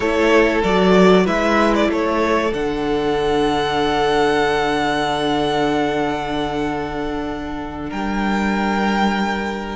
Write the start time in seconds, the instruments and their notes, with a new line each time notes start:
0.00 cello A3, viola E4, violin A4 C#5
0.63 cello F#3, viola F#4, violin D5
1.24 cello G#3, viola E4, violin B4 E5
1.74 violin D5
1.88 cello A3, violin A4 C#5
2.52 cello D3, viola D4, violin F#5
7.89 cello G3, violin A#4 G5